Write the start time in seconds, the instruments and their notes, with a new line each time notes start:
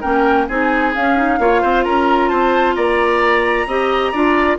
0.00 bassoon A#3, clarinet C#4, oboe A#4, flute G5
0.47 bassoon C4, clarinet D#4, oboe G#4, flute G#5
0.94 clarinet C#4, bassoon C#4, flute F5
1.16 clarinet D#4
1.39 bassoon A#3, clarinet F4, oboe C#5
1.61 bassoon C4, oboe C5
1.84 bassoon C#4, oboe A#4, flute A#5
2.28 bassoon C4, oboe C5, flute A5
2.75 bassoon A#3, oboe D5, flute A#5
3.66 bassoon C4, clarinet G4, oboe D#5
4.12 bassoon D4, clarinet F4, oboe D5